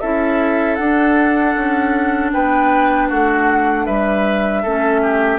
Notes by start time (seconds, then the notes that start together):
0.00 C#4 E4 A4 E5
0.75 D4 F#5
1.55 C#4
2.33 B3 B4 G5
3.08 A3 F#4 F#5
3.85 G3 B4 E5
4.62 A3 C#4 A4
5.02 G4